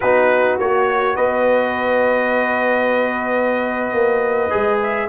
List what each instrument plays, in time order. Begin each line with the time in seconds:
0.00 tuba B3, trombone D#4, horn F#4, trumpet B4
0.59 tuba A#3, trombone F#4, trumpet C#5
1.15 tuba B3, horn B4, trumpet D#5
3.92 tuba A#3
4.50 tuba G#3, trombone G#4
4.82 trumpet E5